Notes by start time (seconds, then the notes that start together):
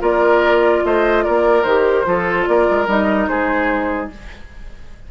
0.00 A#3 F4 A#4 D5
0.84 A3 C5 D#5
1.24 A#3 A#4 D5
1.63 D#3 G4 C5
2.05 F3 F4 A4
2.47 A#3 A#4 D5
2.70 G#3
2.87 G3 D#4 D#5
3.28 G#3 G#4 C5